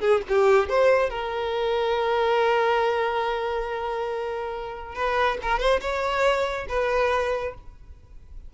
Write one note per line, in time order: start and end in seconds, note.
0.00 0.21 G#4
0.28 0.69 G4
0.69 1.10 C5
1.10 4.95 A#4
4.95 5.38 B4
5.42 5.59 A#4
5.59 5.80 C5
5.81 6.67 C#5
6.68 7.54 B4